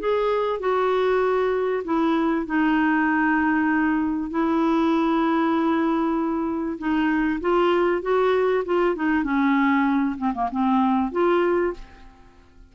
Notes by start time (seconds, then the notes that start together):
0.00 G#4
0.60 F#4
1.85 E4
2.46 D#4
4.31 E4
6.79 D#4
7.41 F4
8.02 F#4
8.66 F4
8.96 D#4
9.24 C#4
10.18 C4
10.34 A#3
10.52 C4
11.12 F4